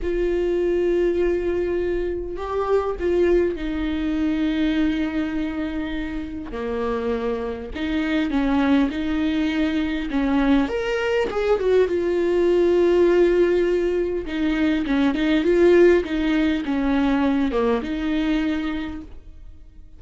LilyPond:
\new Staff \with { instrumentName = "viola" } { \time 4/4 \tempo 4 = 101 f'1 | g'4 f'4 dis'2~ | dis'2. ais4~ | ais4 dis'4 cis'4 dis'4~ |
dis'4 cis'4 ais'4 gis'8 fis'8 | f'1 | dis'4 cis'8 dis'8 f'4 dis'4 | cis'4. ais8 dis'2 | }